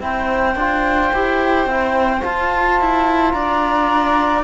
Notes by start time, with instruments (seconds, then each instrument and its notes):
0.00 cello C4, trombone E4, viola C5, flute G5
0.55 cello D4, trombone F4
1.13 cello E4, trombone G4
1.66 cello C4, trombone E4
2.20 trombone F4, cello F4, flute A5
2.80 cello E4
3.30 cello D4, viola D5, flute A#5